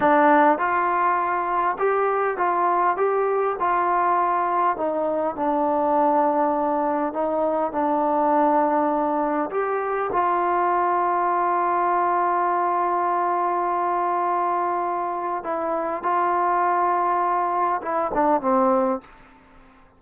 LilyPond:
\new Staff \with { instrumentName = "trombone" } { \time 4/4 \tempo 4 = 101 d'4 f'2 g'4 | f'4 g'4 f'2 | dis'4 d'2. | dis'4 d'2. |
g'4 f'2.~ | f'1~ | f'2 e'4 f'4~ | f'2 e'8 d'8 c'4 | }